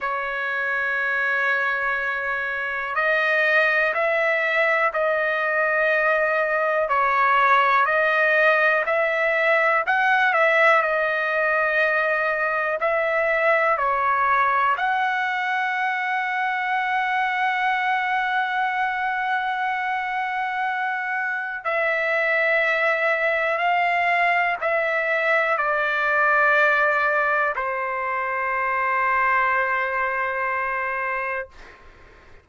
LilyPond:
\new Staff \with { instrumentName = "trumpet" } { \time 4/4 \tempo 4 = 61 cis''2. dis''4 | e''4 dis''2 cis''4 | dis''4 e''4 fis''8 e''8 dis''4~ | dis''4 e''4 cis''4 fis''4~ |
fis''1~ | fis''2 e''2 | f''4 e''4 d''2 | c''1 | }